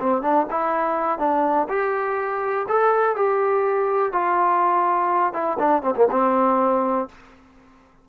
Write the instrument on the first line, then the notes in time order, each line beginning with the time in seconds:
trombone
0.00 C4
0.22 D4
0.50 E4
1.19 D4
1.69 G4
2.68 A4
3.16 G4
4.12 F4
5.33 E4
5.59 D4
5.82 C4
5.96 A#3
6.11 C4